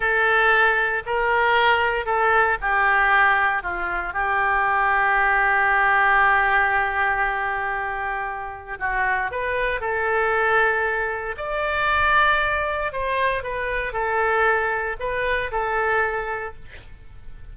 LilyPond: \new Staff \with { instrumentName = "oboe" } { \time 4/4 \tempo 4 = 116 a'2 ais'2 | a'4 g'2 f'4 | g'1~ | g'1~ |
g'4 fis'4 b'4 a'4~ | a'2 d''2~ | d''4 c''4 b'4 a'4~ | a'4 b'4 a'2 | }